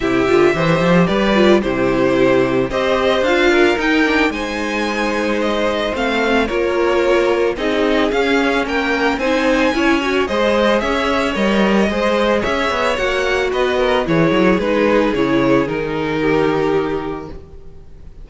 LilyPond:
<<
  \new Staff \with { instrumentName = "violin" } { \time 4/4 \tempo 4 = 111 e''2 d''4 c''4~ | c''4 dis''4 f''4 g''4 | gis''2 dis''4 f''4 | cis''2 dis''4 f''4 |
g''4 gis''2 dis''4 | e''4 dis''2 e''4 | fis''4 dis''4 cis''4 b'4 | cis''4 ais'2. | }
  \new Staff \with { instrumentName = "violin" } { \time 4/4 g'4 c''4 b'4 g'4~ | g'4 c''4. ais'4. | c''1 | ais'2 gis'2 |
ais'4 c''4 cis''4 c''4 | cis''2 c''4 cis''4~ | cis''4 b'8 ais'8 gis'2~ | gis'2 g'2 | }
  \new Staff \with { instrumentName = "viola" } { \time 4/4 e'8 f'8 g'4. f'8 e'4~ | e'4 g'4 f'4 dis'8 d'8 | dis'2. c'4 | f'2 dis'4 cis'4~ |
cis'4 dis'4 e'8 fis'8 gis'4~ | gis'4 ais'4 gis'2 | fis'2 e'4 dis'4 | e'4 dis'2. | }
  \new Staff \with { instrumentName = "cello" } { \time 4/4 c8 d8 e8 f8 g4 c4~ | c4 c'4 d'4 dis'4 | gis2. a4 | ais2 c'4 cis'4 |
ais4 c'4 cis'4 gis4 | cis'4 g4 gis4 cis'8 b8 | ais4 b4 e8 fis8 gis4 | cis4 dis2. | }
>>